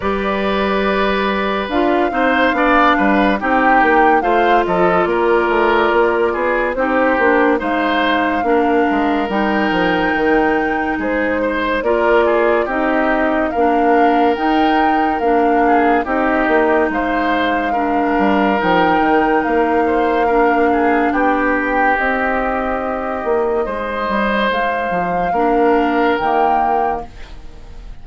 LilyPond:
<<
  \new Staff \with { instrumentName = "flute" } { \time 4/4 \tempo 4 = 71 d''2 f''2 | g''4 f''8 dis''8 d''2 | c''4 f''2 g''4~ | g''4 c''4 d''4 dis''4 |
f''4 g''4 f''4 dis''4 | f''2 g''4 f''4~ | f''4 g''4 dis''2~ | dis''4 f''2 g''4 | }
  \new Staff \with { instrumentName = "oboe" } { \time 4/4 b'2~ b'8 c''8 d''8 b'8 | g'4 c''8 a'8 ais'4. gis'8 | g'4 c''4 ais'2~ | ais'4 gis'8 c''8 ais'8 gis'8 g'4 |
ais'2~ ais'8 gis'8 g'4 | c''4 ais'2~ ais'8 c''8 | ais'8 gis'8 g'2. | c''2 ais'2 | }
  \new Staff \with { instrumentName = "clarinet" } { \time 4/4 g'2 f'8 dis'8 d'4 | dis'4 f'2. | dis'8 d'8 dis'4 d'4 dis'4~ | dis'2 f'4 dis'4 |
d'4 dis'4 d'4 dis'4~ | dis'4 d'4 dis'2 | d'2 dis'2~ | dis'2 d'4 ais4 | }
  \new Staff \with { instrumentName = "bassoon" } { \time 4/4 g2 d'8 c'8 b8 g8 | c'8 ais8 a8 f8 ais8 a8 ais8 b8 | c'8 ais8 gis4 ais8 gis8 g8 f8 | dis4 gis4 ais4 c'4 |
ais4 dis'4 ais4 c'8 ais8 | gis4. g8 f8 dis8 ais4~ | ais4 b4 c'4. ais8 | gis8 g8 gis8 f8 ais4 dis4 | }
>>